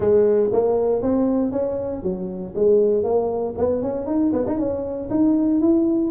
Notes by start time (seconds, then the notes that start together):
0.00 G#3
0.52 A#3
1.02 C4
1.51 C#4
2.02 F#3
2.55 G#3
3.03 A#3
3.57 B3
3.82 C#4
4.06 D#4
4.32 B3
4.46 D#4
4.58 C#4
5.10 D#4
5.60 E4